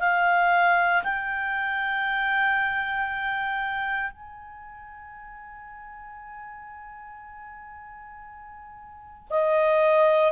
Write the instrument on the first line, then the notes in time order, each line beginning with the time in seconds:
clarinet
0.00 F5
1.04 G5
4.11 G#5
9.30 D#5